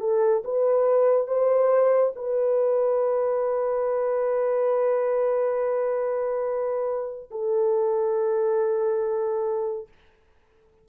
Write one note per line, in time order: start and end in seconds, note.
0.00 0.43 A4
0.44 1.27 B4
1.27 2.13 C5
2.16 7.30 B4
7.31 9.88 A4